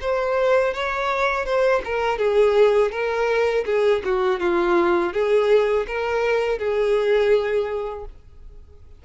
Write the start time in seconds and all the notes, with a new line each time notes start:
0.00 C5
0.74 C#5
1.45 C5
1.84 A#4
2.18 G#4
2.91 A#4
3.65 G#4
4.04 F#4
4.40 F4
5.13 G#4
5.87 A#4
6.58 G#4